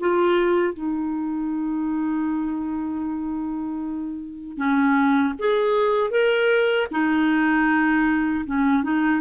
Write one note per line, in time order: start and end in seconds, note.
0.00 0.74 F4
0.74 4.57 D#4
4.57 5.34 C#4
5.39 6.11 G#4
6.11 6.88 A#4
6.91 8.45 D#4
8.46 8.84 C#4
8.84 9.21 D#4